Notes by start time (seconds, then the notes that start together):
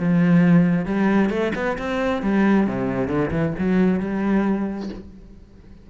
0.00 F3
0.86 G3
1.30 A3
1.56 B3
1.78 C4
2.23 G3
2.67 C3
3.08 D3
3.32 E3
3.59 F#3
4.00 G3